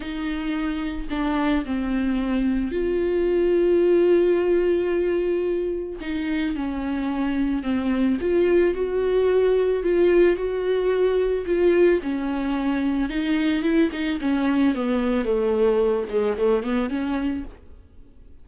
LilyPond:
\new Staff \with { instrumentName = "viola" } { \time 4/4 \tempo 4 = 110 dis'2 d'4 c'4~ | c'4 f'2.~ | f'2. dis'4 | cis'2 c'4 f'4 |
fis'2 f'4 fis'4~ | fis'4 f'4 cis'2 | dis'4 e'8 dis'8 cis'4 b4 | a4. gis8 a8 b8 cis'4 | }